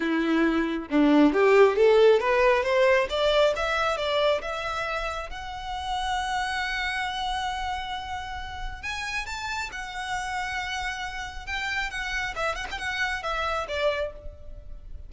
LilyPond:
\new Staff \with { instrumentName = "violin" } { \time 4/4 \tempo 4 = 136 e'2 d'4 g'4 | a'4 b'4 c''4 d''4 | e''4 d''4 e''2 | fis''1~ |
fis''1 | gis''4 a''4 fis''2~ | fis''2 g''4 fis''4 | e''8 fis''16 g''16 fis''4 e''4 d''4 | }